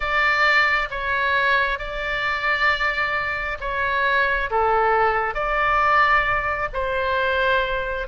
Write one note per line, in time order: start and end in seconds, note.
0.00 0.88 D5
0.90 1.78 C#5
1.78 3.57 D5
3.60 4.49 C#5
4.50 5.34 A4
5.34 6.68 D5
6.73 8.07 C5